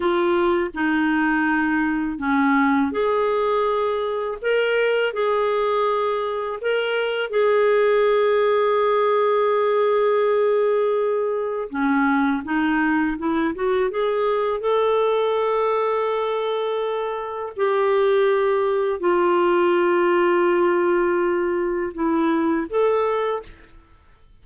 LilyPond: \new Staff \with { instrumentName = "clarinet" } { \time 4/4 \tempo 4 = 82 f'4 dis'2 cis'4 | gis'2 ais'4 gis'4~ | gis'4 ais'4 gis'2~ | gis'1 |
cis'4 dis'4 e'8 fis'8 gis'4 | a'1 | g'2 f'2~ | f'2 e'4 a'4 | }